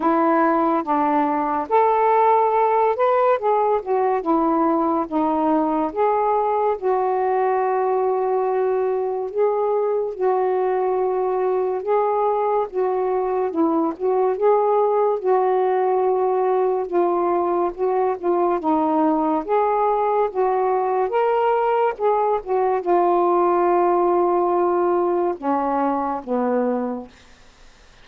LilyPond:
\new Staff \with { instrumentName = "saxophone" } { \time 4/4 \tempo 4 = 71 e'4 d'4 a'4. b'8 | gis'8 fis'8 e'4 dis'4 gis'4 | fis'2. gis'4 | fis'2 gis'4 fis'4 |
e'8 fis'8 gis'4 fis'2 | f'4 fis'8 f'8 dis'4 gis'4 | fis'4 ais'4 gis'8 fis'8 f'4~ | f'2 cis'4 b4 | }